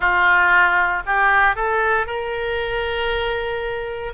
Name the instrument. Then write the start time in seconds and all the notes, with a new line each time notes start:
oboe
0.00 F4
1.06 G4
1.55 A4
2.06 A#4